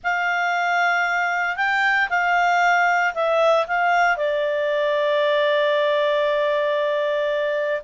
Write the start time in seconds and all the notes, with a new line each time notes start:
0.03 F5
1.56 G5
2.09 F5
3.14 E5
3.67 F5
4.16 D5